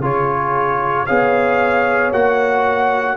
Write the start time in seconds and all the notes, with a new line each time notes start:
0.00 C#3 F4 G#4 C#5
1.06 B3 G#4 C#5 F5
2.12 A#3 F#4 F#5